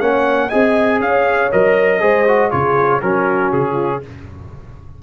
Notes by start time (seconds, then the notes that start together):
0.00 A#3 C#4 C#5 F#5
0.49 C4 G#4 D#5 G#5
1.01 C#4 C#5 F5
1.52 F#3 A#4 D#5
2.00 G#3 G#4 C5
2.28 F#4
2.51 C#3 F4 G#4 C#5
3.02 F#3 C#4 F#4 A#4
3.52 C#3 G#4
3.72 F4